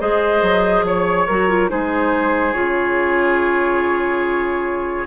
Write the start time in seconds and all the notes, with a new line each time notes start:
0.00 G#3 G#4 C5 D#5
0.42 F#3
0.83 F3 C#5
1.27 F#3 F#4 A#4
1.49 F4
1.70 G#3 D#4 G#4 C5
2.54 C#3 F4 C#5